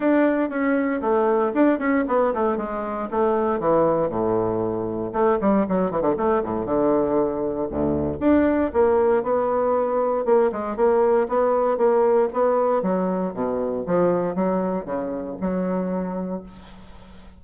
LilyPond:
\new Staff \with { instrumentName = "bassoon" } { \time 4/4 \tempo 4 = 117 d'4 cis'4 a4 d'8 cis'8 | b8 a8 gis4 a4 e4 | a,2 a8 g8 fis8 e16 d16 | a8 a,8 d2 d,4 |
d'4 ais4 b2 | ais8 gis8 ais4 b4 ais4 | b4 fis4 b,4 f4 | fis4 cis4 fis2 | }